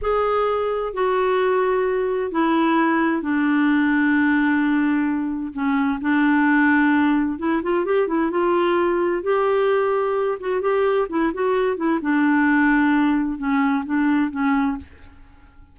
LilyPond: \new Staff \with { instrumentName = "clarinet" } { \time 4/4 \tempo 4 = 130 gis'2 fis'2~ | fis'4 e'2 d'4~ | d'1 | cis'4 d'2. |
e'8 f'8 g'8 e'8 f'2 | g'2~ g'8 fis'8 g'4 | e'8 fis'4 e'8 d'2~ | d'4 cis'4 d'4 cis'4 | }